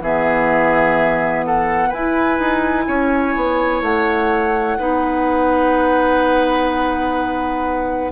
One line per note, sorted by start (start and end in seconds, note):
0.00 1.90 E3
0.00 1.94 B3
0.00 1.46 G#4
0.00 1.45 E5
1.46 1.89 A4
1.46 1.92 F#5
1.89 2.39 E4
1.89 4.79 E4
1.89 2.84 B4
1.89 3.82 G#5
2.39 2.87 D#4
2.88 3.36 C#4
2.88 4.78 C#5
3.36 3.82 B3
3.82 4.77 A3
3.82 8.12 F#5
4.78 8.12 B3
4.78 8.12 D#4
4.78 8.12 B4